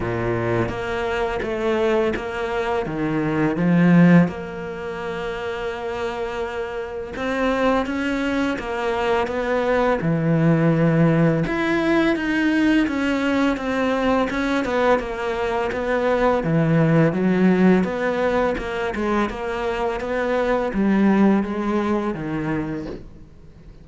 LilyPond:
\new Staff \with { instrumentName = "cello" } { \time 4/4 \tempo 4 = 84 ais,4 ais4 a4 ais4 | dis4 f4 ais2~ | ais2 c'4 cis'4 | ais4 b4 e2 |
e'4 dis'4 cis'4 c'4 | cis'8 b8 ais4 b4 e4 | fis4 b4 ais8 gis8 ais4 | b4 g4 gis4 dis4 | }